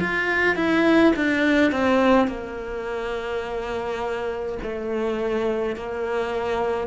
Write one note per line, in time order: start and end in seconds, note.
0.00 0.56 F4
0.56 1.13 E4
1.16 1.72 D4
1.72 2.28 C4
2.28 4.58 A#3
4.63 5.76 A3
5.76 6.87 A#3